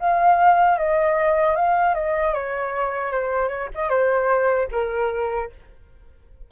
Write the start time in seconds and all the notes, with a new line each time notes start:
0.00 F5
0.78 D#5
1.56 F5
1.95 D#5
2.34 C#5
3.12 C5
3.49 C#5
3.75 D#5
3.90 C5
4.72 A#4